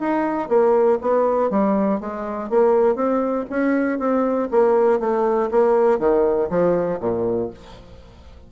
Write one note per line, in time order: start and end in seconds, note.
0.00 0.49 D#4
0.49 0.99 A#3
1.02 1.50 B3
1.50 2.00 G3
2.00 2.50 G#3
2.50 2.96 A#3
2.96 3.46 C4
3.50 3.99 C#4
3.99 4.49 C4
4.51 5.00 A#3
5.00 5.50 A3
5.51 5.99 A#3
5.99 6.49 D#3
6.50 7.00 F3
7.00 7.50 A#2